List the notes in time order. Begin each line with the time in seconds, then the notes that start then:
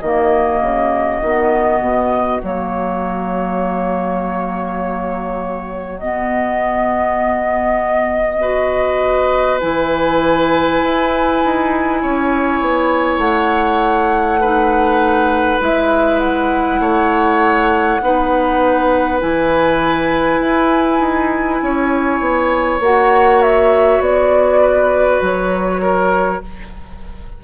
0.00 D#3 A#3 F#4 D#5
0.61 C#3
1.21 D#3 B3
1.80 B2
2.42 F#3 A#3 C#5
5.99 B3 D#5
8.41 F#4 B4
9.60 E3 E4 G#5
10.83 E4
11.45 D#4
12.02 C#4 C#5
12.61 B3
13.18 A3 F#5
14.40 D#4 B4
15.60 G#3 E4 E5
16.19 F#5
16.79 A3 C#5
18.02 B3 D#4 B4
19.20 E3 E4 G#5
20.39 E4
21.00 D#4
21.62 C#4 C#5
22.20 B3
22.80 A#3 F#4 F#5
23.41 E5
23.99 B3 D5
24.61 B4
25.21 F#3 C#5
25.82 A#4